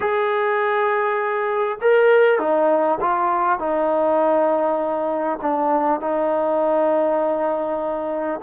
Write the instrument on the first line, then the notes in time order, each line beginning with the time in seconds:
trombone
0.00 G#4
1.81 A#4
2.38 D#4
3.00 F4
3.59 D#4
5.41 D4
6.00 D#4